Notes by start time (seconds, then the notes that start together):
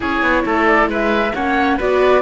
0.00 C#4 E4 G#4 C#5
0.21 B3
0.45 A3 A4
0.66 D5
0.87 G#3 B4 E5
1.34 A#3 C#4 C#5 F#5
1.77 B3 F#4 B4 D5